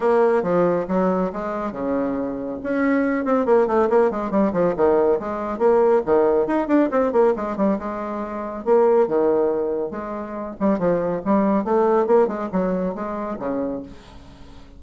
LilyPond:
\new Staff \with { instrumentName = "bassoon" } { \time 4/4 \tempo 4 = 139 ais4 f4 fis4 gis4 | cis2 cis'4. c'8 | ais8 a8 ais8 gis8 g8 f8 dis4 | gis4 ais4 dis4 dis'8 d'8 |
c'8 ais8 gis8 g8 gis2 | ais4 dis2 gis4~ | gis8 g8 f4 g4 a4 | ais8 gis8 fis4 gis4 cis4 | }